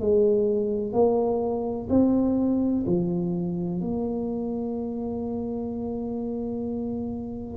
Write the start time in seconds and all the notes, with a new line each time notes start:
0.00 G#3
0.93 A#3
1.90 C4
2.87 F3
3.81 A#3